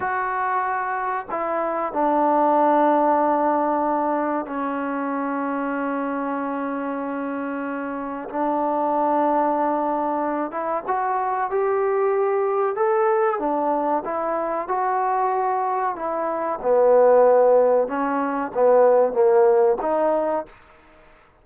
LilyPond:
\new Staff \with { instrumentName = "trombone" } { \time 4/4 \tempo 4 = 94 fis'2 e'4 d'4~ | d'2. cis'4~ | cis'1~ | cis'4 d'2.~ |
d'8 e'8 fis'4 g'2 | a'4 d'4 e'4 fis'4~ | fis'4 e'4 b2 | cis'4 b4 ais4 dis'4 | }